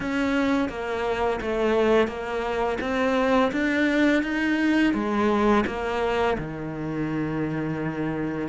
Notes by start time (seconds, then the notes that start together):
0.00 C#4
0.69 A#3
1.41 A3
2.07 A#3
2.80 C4
3.52 D4
4.23 D#4
4.93 G#3
5.66 A#3
6.38 D#3